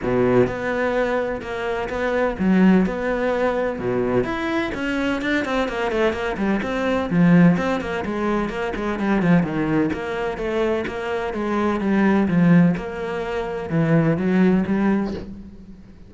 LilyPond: \new Staff \with { instrumentName = "cello" } { \time 4/4 \tempo 4 = 127 b,4 b2 ais4 | b4 fis4 b2 | b,4 e'4 cis'4 d'8 c'8 | ais8 a8 ais8 g8 c'4 f4 |
c'8 ais8 gis4 ais8 gis8 g8 f8 | dis4 ais4 a4 ais4 | gis4 g4 f4 ais4~ | ais4 e4 fis4 g4 | }